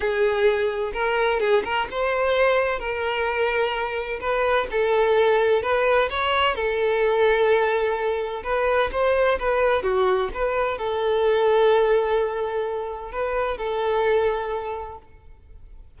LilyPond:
\new Staff \with { instrumentName = "violin" } { \time 4/4 \tempo 4 = 128 gis'2 ais'4 gis'8 ais'8 | c''2 ais'2~ | ais'4 b'4 a'2 | b'4 cis''4 a'2~ |
a'2 b'4 c''4 | b'4 fis'4 b'4 a'4~ | a'1 | b'4 a'2. | }